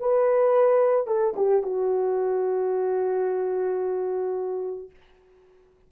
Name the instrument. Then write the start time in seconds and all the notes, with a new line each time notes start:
horn
0.00 B4
1.07 A4
1.37 G4
1.63 F#4